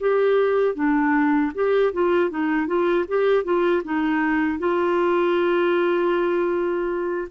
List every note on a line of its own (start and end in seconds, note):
0.00 0.75 G4
0.75 1.52 D4
1.55 1.93 G4
1.93 2.30 F4
2.30 2.67 D#4
2.67 3.05 F4
3.08 3.44 G4
3.44 3.82 F4
3.84 4.59 D#4
4.59 7.28 F4